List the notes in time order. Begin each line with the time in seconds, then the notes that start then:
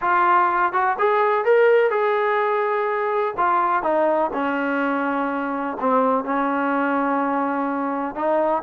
0.01 F4
0.72 F#4
0.98 G#4
1.44 A#4
1.90 G#4
3.37 F4
3.82 D#4
4.33 C#4
5.79 C4
6.24 C#4
8.15 D#4